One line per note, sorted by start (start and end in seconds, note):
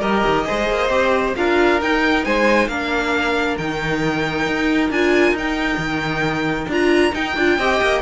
0.00 0.24 G3
0.00 0.44 G4
0.00 0.44 A#4
0.00 1.34 D#5
0.25 0.47 D#3
0.44 0.88 G#4
0.44 1.36 C5
0.50 0.69 G#3
0.69 0.89 A#3
0.89 1.33 C4
0.89 1.34 G4
1.36 1.81 D4
1.36 1.80 F4
1.36 2.25 A#4
1.36 1.80 F5
1.81 2.70 D#4
1.81 2.25 D#4
1.81 2.24 G5
2.24 2.67 G#3
2.24 2.69 C5
2.24 2.67 G#5
2.67 3.56 A#3
2.67 3.59 D4
2.67 7.57 A#4
2.67 3.56 F5
3.57 4.46 D#3
3.57 4.92 D#4
3.57 4.91 G5
4.46 4.90 D#4
4.90 5.31 D4
4.90 5.35 F4
4.90 5.35 G#5
5.31 5.76 D#4
5.31 6.69 D#4
5.37 6.71 G5
5.77 6.66 D#3
6.68 7.12 D4
6.68 7.12 F4
6.68 7.14 A#5
7.12 7.34 D#4
7.12 7.36 D#4
7.12 8.01 G5
7.36 7.58 D4
7.36 7.59 F4
7.57 7.80 C4
7.57 8.01 G4
7.57 8.01 D#5
7.81 8.01 A#3